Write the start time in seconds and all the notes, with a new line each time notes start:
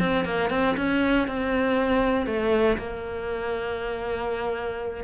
0.00 C4
0.25 A#3
0.50 C4
0.77 C#4
1.28 C4
2.27 A3
2.78 A#3